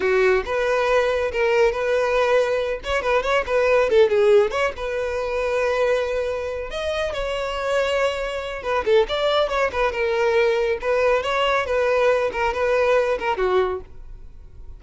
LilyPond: \new Staff \with { instrumentName = "violin" } { \time 4/4 \tempo 4 = 139 fis'4 b'2 ais'4 | b'2~ b'8 cis''8 b'8 cis''8 | b'4 a'8 gis'4 cis''8 b'4~ | b'2.~ b'8 dis''8~ |
dis''8 cis''2.~ cis''8 | b'8 a'8 d''4 cis''8 b'8 ais'4~ | ais'4 b'4 cis''4 b'4~ | b'8 ais'8 b'4. ais'8 fis'4 | }